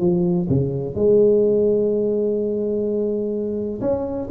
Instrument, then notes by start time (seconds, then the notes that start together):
tuba
0.00 F3
0.49 C#3
0.95 G#3
3.81 C#4